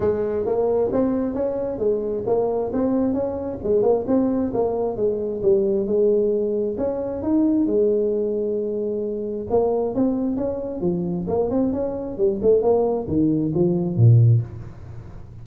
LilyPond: \new Staff \with { instrumentName = "tuba" } { \time 4/4 \tempo 4 = 133 gis4 ais4 c'4 cis'4 | gis4 ais4 c'4 cis'4 | gis8 ais8 c'4 ais4 gis4 | g4 gis2 cis'4 |
dis'4 gis2.~ | gis4 ais4 c'4 cis'4 | f4 ais8 c'8 cis'4 g8 a8 | ais4 dis4 f4 ais,4 | }